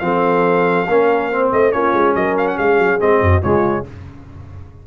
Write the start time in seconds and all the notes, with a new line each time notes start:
0.00 F3 C4 A4 F5
0.88 A#3 C#4 A#4
1.31 C4 C5
1.53 A3 D#5
1.72 A#3 C#4 F4 C#5
1.94 G#3
2.15 F#3 A#4 D#5
2.38 F5
2.48 F#5
2.57 G#3 G#4 F5
2.79 F#3
3.00 G#3 C4 D#5
3.21 F#2 F#4
3.43 C#3 G#3 F4 C#5